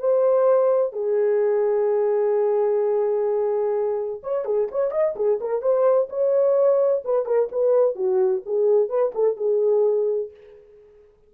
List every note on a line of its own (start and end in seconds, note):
0.00 0.93 C5
0.93 4.21 G#4
4.23 4.45 C#5
4.45 4.69 G#4
4.72 4.92 C#5
4.92 5.15 D#5
5.16 5.40 G#4
5.41 5.62 A#4
5.62 6.09 C5
6.10 7.04 C#5
7.05 7.26 B4
7.26 7.49 A#4
7.52 7.96 B4
7.96 8.43 F#4
8.46 8.89 G#4
8.89 9.13 B4
9.15 9.37 A4
9.37 10.31 G#4